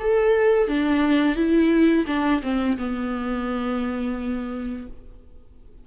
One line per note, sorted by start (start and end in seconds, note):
0.00 0.68 A4
0.68 1.36 D4
1.36 2.06 E4
2.07 2.42 D4
2.43 2.78 C4
2.78 4.88 B3